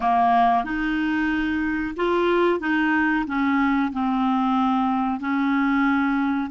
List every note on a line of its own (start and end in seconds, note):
0.00 0.64 A#3
0.64 1.94 D#4
1.96 2.59 F4
2.59 3.25 D#4
3.26 3.92 C#4
3.92 5.20 C4
5.20 6.50 C#4